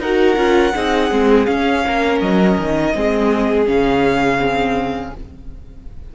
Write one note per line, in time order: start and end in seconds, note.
0.00 0.36 D#4
0.00 0.36 F#4
0.00 0.75 A#4
0.00 1.46 F#5
0.36 0.73 C#4
0.36 0.73 F4
0.75 1.11 C4
0.75 1.11 D#4
0.75 1.85 G#4
1.11 1.48 G#3
1.11 1.47 C4
1.46 2.93 C#4
1.46 1.85 C#4
1.46 2.19 F5
1.87 2.21 A#3
1.87 2.96 A#4
2.21 2.58 F#3
2.21 3.68 D#5
2.59 2.95 D#3
2.95 3.68 G#3
2.95 3.66 C4
2.95 5.16 G#4
3.66 5.14 C#3
3.66 4.39 C#4
3.66 5.14 F5
4.39 5.12 C4